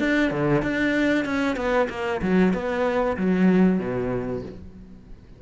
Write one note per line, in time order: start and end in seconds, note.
0.00 0.32 D4
0.32 0.63 D3
0.63 1.25 D4
1.25 1.57 C#4
1.57 1.88 B3
1.90 2.22 A#3
2.22 2.54 F#3
2.54 3.17 B3
3.18 3.80 F#3
3.80 4.43 B2